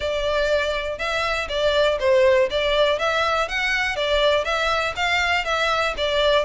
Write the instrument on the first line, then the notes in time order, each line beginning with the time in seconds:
violin
0.00 D5
0.98 E5
1.49 D5
1.99 C5
2.50 D5
2.99 E5
3.48 F#5
3.96 D5
4.44 E5
4.95 F5
5.44 E5
5.97 D5